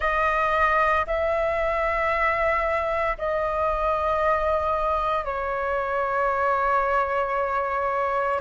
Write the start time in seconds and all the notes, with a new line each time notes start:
0.00 D#5
1.06 E5
3.18 D#5
5.24 C#5